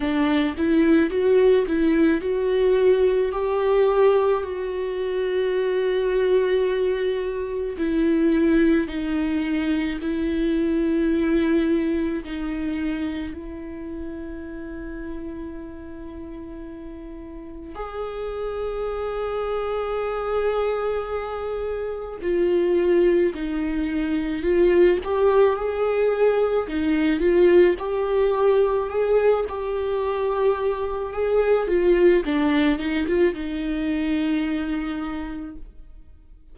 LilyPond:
\new Staff \with { instrumentName = "viola" } { \time 4/4 \tempo 4 = 54 d'8 e'8 fis'8 e'8 fis'4 g'4 | fis'2. e'4 | dis'4 e'2 dis'4 | e'1 |
gis'1 | f'4 dis'4 f'8 g'8 gis'4 | dis'8 f'8 g'4 gis'8 g'4. | gis'8 f'8 d'8 dis'16 f'16 dis'2 | }